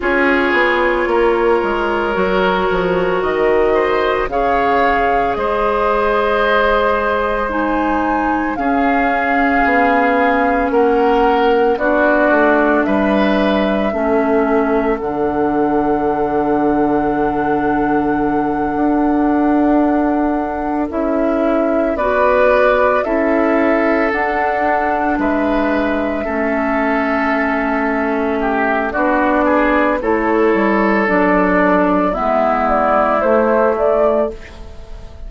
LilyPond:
<<
  \new Staff \with { instrumentName = "flute" } { \time 4/4 \tempo 4 = 56 cis''2. dis''4 | f''4 dis''2 gis''4 | f''2 fis''4 d''4 | e''2 fis''2~ |
fis''2.~ fis''8 e''8~ | e''8 d''4 e''4 fis''4 e''8~ | e''2. d''4 | cis''4 d''4 e''8 d''8 c''8 d''8 | }
  \new Staff \with { instrumentName = "oboe" } { \time 4/4 gis'4 ais'2~ ais'8 c''8 | cis''4 c''2. | gis'2 ais'4 fis'4 | b'4 a'2.~ |
a'1~ | a'8 b'4 a'2 b'8~ | b'8 a'2 g'8 fis'8 gis'8 | a'2 e'2 | }
  \new Staff \with { instrumentName = "clarinet" } { \time 4/4 f'2 fis'2 | gis'2. dis'4 | cis'2. d'4~ | d'4 cis'4 d'2~ |
d'2.~ d'8 e'8~ | e'8 fis'4 e'4 d'4.~ | d'8 cis'2~ cis'8 d'4 | e'4 d'4 b4 a4 | }
  \new Staff \with { instrumentName = "bassoon" } { \time 4/4 cis'8 b8 ais8 gis8 fis8 f8 dis4 | cis4 gis2. | cis'4 b4 ais4 b8 a8 | g4 a4 d2~ |
d4. d'2 cis'8~ | cis'8 b4 cis'4 d'4 gis8~ | gis8 a2~ a8 b4 | a8 g8 fis4 gis4 a4 | }
>>